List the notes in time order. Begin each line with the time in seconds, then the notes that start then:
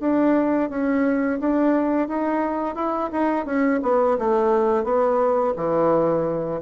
0.00 D4
0.69 C#4
1.40 D4
2.08 D#4
2.75 E4
3.12 D#4
3.45 C#4
3.82 B3
4.18 A3
4.84 B3
5.56 E3